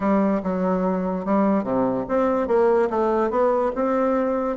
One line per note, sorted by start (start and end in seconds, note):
0.00 0.41 G3
0.43 1.25 F#3
1.25 1.63 G3
1.63 2.04 C3
2.08 2.47 C4
2.47 2.89 A#3
2.89 3.30 A3
3.30 3.71 B3
3.75 4.56 C4